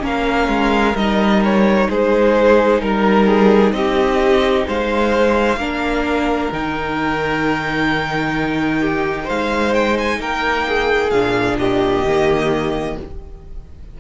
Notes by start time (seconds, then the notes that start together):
0.00 A#3 C#4 A#4
0.06 F5
0.47 G#3
0.95 G3 D#4 D#5
1.44 C#5
1.89 G#3 G#4 C5
2.80 G3 A#4
3.27 G#4
3.72 C4 G4 D#5
4.67 G#3 C5 F5
5.57 A#3 D4 A#4
6.52 D#3 D#4 G5
8.80 G4
9.24 G#3 C5 F5
9.74 G5
9.98 G#5
10.19 A#3 A#4 G5
10.68 G#4
11.10 A#2 D4 F5
11.58 G4 D#5
12.04 D#3 A#3